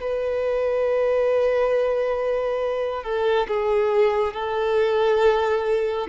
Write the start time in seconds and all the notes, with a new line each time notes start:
0.00 B4
3.03 A4
3.47 G#4
4.33 A4